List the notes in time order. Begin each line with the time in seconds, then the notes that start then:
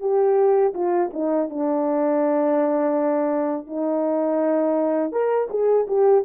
0.00 G4
0.74 F4
1.13 D#4
1.50 D4
3.67 D#4
5.12 A#4
5.50 G#4
5.88 G4